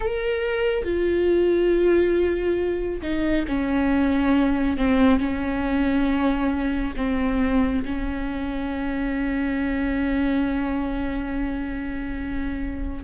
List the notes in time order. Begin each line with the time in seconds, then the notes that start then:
0.00 A#4
0.83 F4
3.02 D#4
3.47 C#4
4.77 C4
5.19 C#4
6.96 C4
7.85 C#4